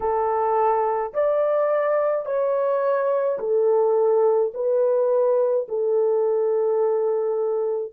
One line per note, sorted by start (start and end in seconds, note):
0.00 1.13 A4
1.13 2.25 D5
2.25 3.39 C#5
3.39 4.52 A4
4.54 5.67 B4
5.68 7.92 A4